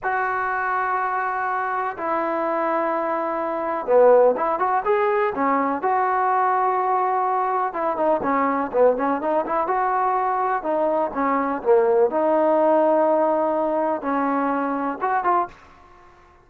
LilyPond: \new Staff \with { instrumentName = "trombone" } { \time 4/4 \tempo 4 = 124 fis'1 | e'1 | b4 e'8 fis'8 gis'4 cis'4 | fis'1 |
e'8 dis'8 cis'4 b8 cis'8 dis'8 e'8 | fis'2 dis'4 cis'4 | ais4 dis'2.~ | dis'4 cis'2 fis'8 f'8 | }